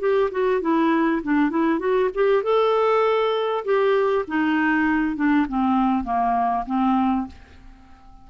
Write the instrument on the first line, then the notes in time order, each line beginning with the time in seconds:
clarinet
0.00 G4
0.31 F#4
0.61 E4
1.23 D4
1.50 E4
1.80 F#4
2.15 G4
2.44 A4
3.65 G4
4.28 D#4
5.17 D4
5.49 C4
6.04 A#3
6.66 C4